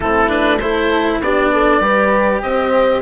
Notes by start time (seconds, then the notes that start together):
0.00 A3 C4 E4 A4
0.28 D4 B4
0.59 E4 A4 C5
1.19 B3 D4 G4 D5
1.53 A4
1.80 G3 G4 B4
2.42 C4 C5 D#5